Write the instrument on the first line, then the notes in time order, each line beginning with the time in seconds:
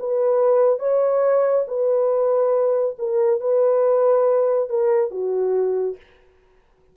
horn
0.00 B4
0.80 C#5
1.68 B4
2.99 A#4
3.41 B4
4.69 A#4
5.11 F#4